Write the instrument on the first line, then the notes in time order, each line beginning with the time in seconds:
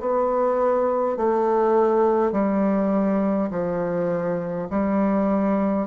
bassoon
0.00 B3
1.17 A3
2.33 G3
3.51 F3
4.71 G3